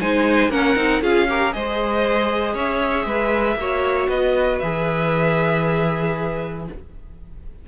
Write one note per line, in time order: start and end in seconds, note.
0.00 0.49 G#3
0.00 0.51 D#4
0.00 0.51 C5
0.00 0.51 G#5
0.49 0.75 A#3
0.49 0.77 C#4
0.49 1.03 A#4
0.49 1.02 F#5
0.76 1.02 C4
0.76 1.02 D#4
1.02 1.53 C#4
1.02 1.28 F4
1.02 1.28 G#4
1.02 1.53 F5
1.28 1.53 G4
1.28 1.55 A#4
1.53 2.54 G#3
1.53 3.58 G#4
1.53 2.55 C5
1.53 2.56 D#5
2.54 3.05 C#4
2.54 3.06 C#5
2.54 4.09 E5
3.05 3.56 G#3
3.05 3.58 B4
3.56 4.08 A#3
3.56 4.63 F#4
3.56 4.10 C#5
4.09 4.60 B3
4.09 6.66 B4
4.09 4.59 D#5
4.59 6.68 E3
4.59 6.68 G#4
4.59 6.64 E5